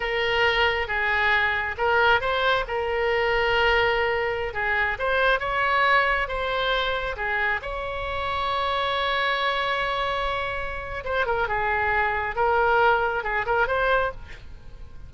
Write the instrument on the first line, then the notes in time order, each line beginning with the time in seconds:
oboe
0.00 A#4
0.87 G#4
1.77 A#4
2.20 C5
2.67 A#4
4.53 G#4
4.99 C5
5.39 C#5
6.27 C5
7.16 G#4
7.62 C#5
11.04 C5
11.26 A#4
11.47 G#4
12.35 A#4
13.23 G#4
13.46 A#4
13.67 C5